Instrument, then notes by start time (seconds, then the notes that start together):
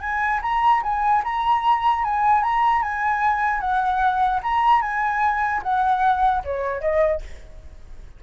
flute
0.00 G#5
0.42 A#5
0.82 G#5
1.23 A#5
2.03 G#5
2.43 A#5
2.82 G#5
3.60 F#5
4.42 A#5
4.81 G#5
5.62 F#5
6.44 C#5
6.81 D#5